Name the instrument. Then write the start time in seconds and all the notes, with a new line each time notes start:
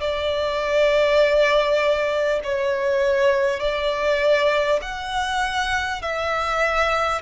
violin
0.00 D5
2.44 C#5
3.59 D5
4.81 F#5
6.01 E5